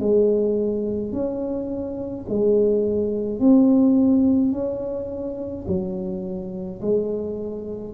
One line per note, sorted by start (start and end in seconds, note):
0.00 1.13 G#3
1.13 2.26 C#4
2.29 3.40 G#3
3.40 4.52 C4
4.52 5.66 C#4
5.68 6.81 F#3
6.81 7.94 G#3